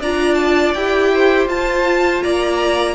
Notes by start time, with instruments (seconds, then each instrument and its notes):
0.00 cello D4, viola F4, violin D5 A#5
0.34 violin A5
0.74 cello E4, viola G4, violin G5
1.13 violin C5
1.47 cello F4, viola F4, violin A5
2.23 cello A#3, violin D5 A#5